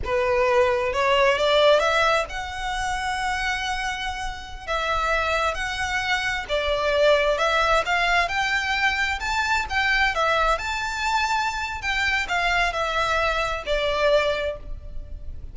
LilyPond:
\new Staff \with { instrumentName = "violin" } { \time 4/4 \tempo 4 = 132 b'2 cis''4 d''4 | e''4 fis''2.~ | fis''2~ fis''16 e''4.~ e''16~ | e''16 fis''2 d''4.~ d''16~ |
d''16 e''4 f''4 g''4.~ g''16~ | g''16 a''4 g''4 e''4 a''8.~ | a''2 g''4 f''4 | e''2 d''2 | }